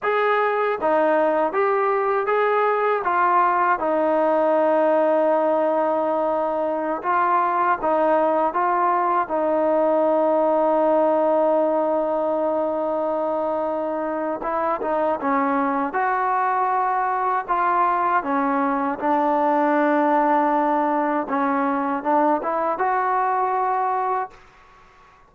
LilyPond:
\new Staff \with { instrumentName = "trombone" } { \time 4/4 \tempo 4 = 79 gis'4 dis'4 g'4 gis'4 | f'4 dis'2.~ | dis'4~ dis'16 f'4 dis'4 f'8.~ | f'16 dis'2.~ dis'8.~ |
dis'2. e'8 dis'8 | cis'4 fis'2 f'4 | cis'4 d'2. | cis'4 d'8 e'8 fis'2 | }